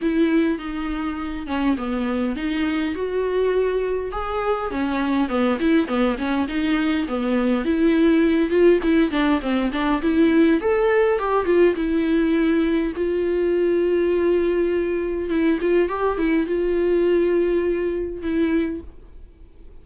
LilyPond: \new Staff \with { instrumentName = "viola" } { \time 4/4 \tempo 4 = 102 e'4 dis'4. cis'8 b4 | dis'4 fis'2 gis'4 | cis'4 b8 e'8 b8 cis'8 dis'4 | b4 e'4. f'8 e'8 d'8 |
c'8 d'8 e'4 a'4 g'8 f'8 | e'2 f'2~ | f'2 e'8 f'8 g'8 e'8 | f'2. e'4 | }